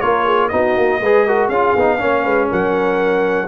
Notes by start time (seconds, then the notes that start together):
0.00 A#3 F4 A#4 C#5
0.25 G#4
0.48 B3 D#4 F#4 D#5
0.76 A#3
1.00 G#3 G#4 B4
1.26 F#4 A#4
1.48 C#4 F4 G#4 F5
1.75 B3 D#4
1.98 A#3 C#4 C#5
2.23 G#3 B4
2.49 F#3 A#4 F#5